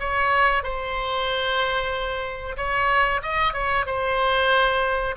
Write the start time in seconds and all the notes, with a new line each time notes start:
0.00 C#5
0.63 C5
2.57 C#5
3.23 D#5
3.54 C#5
3.87 C5